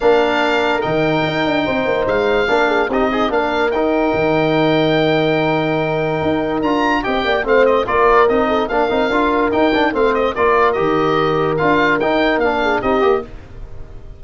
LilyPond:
<<
  \new Staff \with { instrumentName = "oboe" } { \time 4/4 \tempo 4 = 145 f''2 g''2~ | g''4 f''2 dis''4 | f''4 g''2.~ | g''1 |
ais''4 g''4 f''8 dis''8 d''4 | dis''4 f''2 g''4 | f''8 dis''8 d''4 dis''2 | f''4 g''4 f''4 dis''4 | }
  \new Staff \with { instrumentName = "horn" } { \time 4/4 ais'1 | c''2 ais'8 gis'8 g'8 dis'8 | ais'1~ | ais'1~ |
ais'4 dis''8 d''8 c''4 ais'4~ | ais'8 a'8 ais'2. | c''4 ais'2.~ | ais'2~ ais'8 gis'8 g'4 | }
  \new Staff \with { instrumentName = "trombone" } { \time 4/4 d'2 dis'2~ | dis'2 d'4 dis'8 gis'8 | d'4 dis'2.~ | dis'1 |
f'4 g'4 c'4 f'4 | dis'4 d'8 dis'8 f'4 dis'8 d'8 | c'4 f'4 g'2 | f'4 dis'4 d'4 dis'8 g'8 | }
  \new Staff \with { instrumentName = "tuba" } { \time 4/4 ais2 dis4 dis'8 d'8 | c'8 ais8 gis4 ais4 c'4 | ais4 dis'4 dis2~ | dis2. dis'4 |
d'4 c'8 ais8 a4 ais4 | c'4 ais8 c'8 d'4 dis'4 | a4 ais4 dis2 | d'4 dis'4 ais4 c'8 ais8 | }
>>